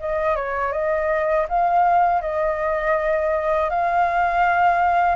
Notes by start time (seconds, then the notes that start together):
0.00 D#5
0.36 C#5
0.73 D#5
1.49 F5
2.22 D#5
3.70 F5